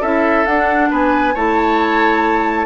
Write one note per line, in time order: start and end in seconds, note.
0.00 0.45 C#4
0.00 0.46 E4
0.00 0.88 A4
0.00 0.45 E5
0.45 1.34 D4
0.45 0.90 D4
0.45 0.89 F#5
0.90 1.35 B3
0.90 1.34 B4
0.90 1.35 G#5
1.34 2.66 A3
1.34 2.66 E4
1.34 2.66 C#5
1.34 2.66 A5